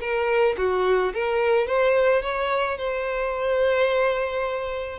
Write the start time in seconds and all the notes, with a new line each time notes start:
0.00 A#4
0.57 F#4
1.13 A#4
1.66 C5
2.22 C#5
2.77 C5